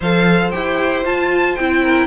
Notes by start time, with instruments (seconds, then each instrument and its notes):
0.00 cello F3, viola A4, violin C5 F5
0.51 cello E4, viola G4, violin G5
1.04 viola F4, cello F4, violin A5
1.55 cello C4, viola E4, violin G5
1.83 violin A#4